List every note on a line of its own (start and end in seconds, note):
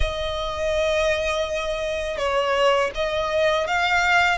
0.00 2.17 D#5
2.17 2.90 C#5
2.94 3.67 D#5
3.67 4.37 F5